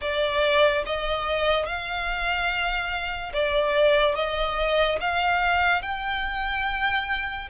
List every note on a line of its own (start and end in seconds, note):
0.01 0.84 D5
0.86 1.66 D#5
1.66 3.32 F5
3.33 4.15 D5
4.15 4.98 D#5
5.00 5.81 F5
5.81 7.48 G5